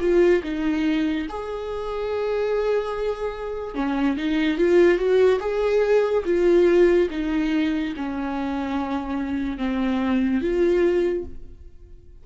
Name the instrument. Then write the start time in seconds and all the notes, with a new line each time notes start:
viola
0.00 F4
0.43 D#4
1.29 G#4
3.75 C#4
4.17 D#4
4.58 F4
4.98 F#4
5.40 G#4
6.25 F4
7.11 D#4
7.96 C#4
9.58 C4
10.41 F4